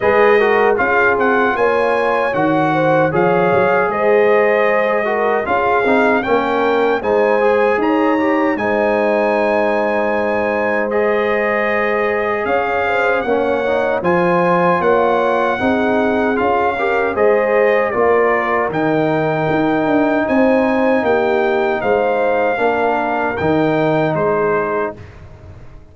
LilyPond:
<<
  \new Staff \with { instrumentName = "trumpet" } { \time 4/4 \tempo 4 = 77 dis''4 f''8 fis''8 gis''4 fis''4 | f''4 dis''2 f''4 | g''4 gis''4 ais''4 gis''4~ | gis''2 dis''2 |
f''4 fis''4 gis''4 fis''4~ | fis''4 f''4 dis''4 d''4 | g''2 gis''4 g''4 | f''2 g''4 c''4 | }
  \new Staff \with { instrumentName = "horn" } { \time 4/4 b'8 ais'8 gis'4 cis''4. c''8 | cis''4 c''4. ais'8 gis'4 | ais'4 c''4 cis''4 c''4~ | c''1 |
cis''8 c''8 cis''4 c''4 cis''4 | gis'4. ais'8 c''4 ais'4~ | ais'2 c''4 g'4 | c''4 ais'2 gis'4 | }
  \new Staff \with { instrumentName = "trombone" } { \time 4/4 gis'8 fis'8 f'2 fis'4 | gis'2~ gis'8 fis'8 f'8 dis'8 | cis'4 dis'8 gis'4 g'8 dis'4~ | dis'2 gis'2~ |
gis'4 cis'8 dis'8 f'2 | dis'4 f'8 g'8 gis'4 f'4 | dis'1~ | dis'4 d'4 dis'2 | }
  \new Staff \with { instrumentName = "tuba" } { \time 4/4 gis4 cis'8 c'8 ais4 dis4 | f8 fis8 gis2 cis'8 c'8 | ais4 gis4 dis'4 gis4~ | gis1 |
cis'4 ais4 f4 ais4 | c'4 cis'4 gis4 ais4 | dis4 dis'8 d'8 c'4 ais4 | gis4 ais4 dis4 gis4 | }
>>